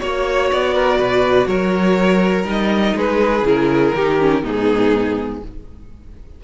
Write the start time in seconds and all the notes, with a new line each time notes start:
0.00 A#3 F#4 C#5
0.52 B3 D5
0.74 A#4
0.98 B2 B4
1.47 F#3 A#4 C#5
2.44 G3 D#4 D#5
2.95 G#3 G#4 B4
3.43 C#3 E4 A#4
3.95 D#3 D#4 G4
4.20 C#4
4.43 G#2 B3 D#4 G#4